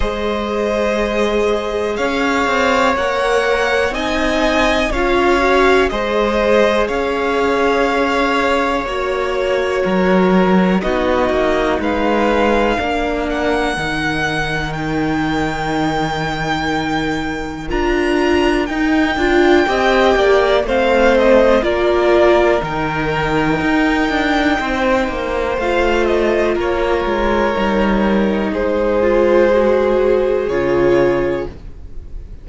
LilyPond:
<<
  \new Staff \with { instrumentName = "violin" } { \time 4/4 \tempo 4 = 61 dis''2 f''4 fis''4 | gis''4 f''4 dis''4 f''4~ | f''4 cis''2 dis''4 | f''4. fis''4. g''4~ |
g''2 ais''4 g''4~ | g''4 f''8 dis''8 d''4 g''4~ | g''2 f''8 dis''8 cis''4~ | cis''4 c''2 cis''4 | }
  \new Staff \with { instrumentName = "violin" } { \time 4/4 c''2 cis''2 | dis''4 cis''4 c''4 cis''4~ | cis''2 ais'4 fis'4 | b'4 ais'2.~ |
ais'1 | dis''8 d''8 c''4 ais'2~ | ais'4 c''2 ais'4~ | ais'4 gis'2. | }
  \new Staff \with { instrumentName = "viola" } { \time 4/4 gis'2. ais'4 | dis'4 f'8 fis'8 gis'2~ | gis'4 fis'2 dis'4~ | dis'4 d'4 dis'2~ |
dis'2 f'4 dis'8 f'8 | g'4 c'4 f'4 dis'4~ | dis'2 f'2 | dis'4. f'8 fis'4 f'4 | }
  \new Staff \with { instrumentName = "cello" } { \time 4/4 gis2 cis'8 c'8 ais4 | c'4 cis'4 gis4 cis'4~ | cis'4 ais4 fis4 b8 ais8 | gis4 ais4 dis2~ |
dis2 d'4 dis'8 d'8 | c'8 ais8 a4 ais4 dis4 | dis'8 d'8 c'8 ais8 a4 ais8 gis8 | g4 gis2 cis4 | }
>>